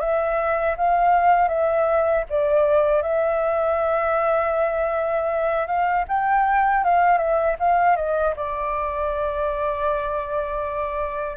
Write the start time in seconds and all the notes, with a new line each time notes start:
0.00 E5
0.77 F5
1.48 E5
2.30 D5
3.03 E5
5.68 F5
6.09 G5
6.85 F5
7.18 E5
7.59 F5
7.97 D#5
8.36 D5